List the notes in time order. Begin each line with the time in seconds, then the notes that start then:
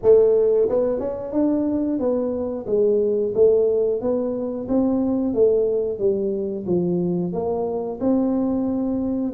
0.02 A3
0.68 B3
0.99 C#4
1.32 D4
1.99 B3
2.66 G#3
3.34 A3
4.01 B3
4.68 C4
5.34 A3
5.98 G3
6.66 F3
7.32 A#3
8.00 C4